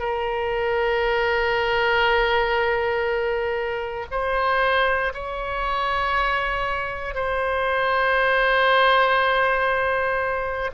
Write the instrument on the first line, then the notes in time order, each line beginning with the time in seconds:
oboe
0.00 A#4
4.11 C5
5.14 C#5
7.15 C5